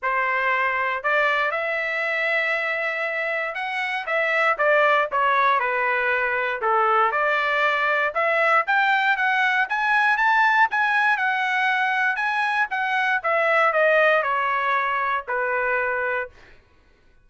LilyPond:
\new Staff \with { instrumentName = "trumpet" } { \time 4/4 \tempo 4 = 118 c''2 d''4 e''4~ | e''2. fis''4 | e''4 d''4 cis''4 b'4~ | b'4 a'4 d''2 |
e''4 g''4 fis''4 gis''4 | a''4 gis''4 fis''2 | gis''4 fis''4 e''4 dis''4 | cis''2 b'2 | }